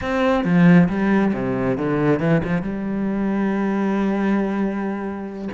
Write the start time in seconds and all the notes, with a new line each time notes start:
0.01 C4
0.44 F3
0.88 G3
1.33 C3
1.77 D3
2.19 E3
2.44 F3
2.62 G3